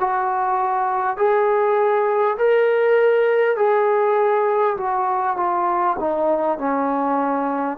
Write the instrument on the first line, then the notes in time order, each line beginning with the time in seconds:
trombone
0.00 F#4
1.18 G#4
2.38 A#4
3.57 G#4
4.78 F#4
5.37 F4
6.01 D#4
6.59 C#4